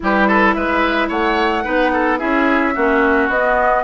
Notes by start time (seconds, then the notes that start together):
0.00 G3 E4 G4 B4
0.27 A4
0.54 G#3 B4 E5
1.08 A3 C#5 F#5
1.64 B3 D#4 B4
1.93 A4
2.18 C#4 E4 G#4 E5
2.75 A#3 C#4 F#4
3.28 B3 D#5